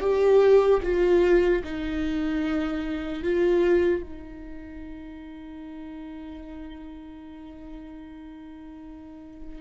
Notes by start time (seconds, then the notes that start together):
0.00 G4
0.83 F4
1.64 D#4
3.23 F4
4.02 D#4